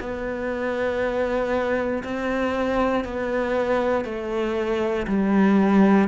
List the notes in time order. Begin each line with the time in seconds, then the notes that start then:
0.00 B3
2.04 C4
3.05 B3
4.05 A3
5.08 G3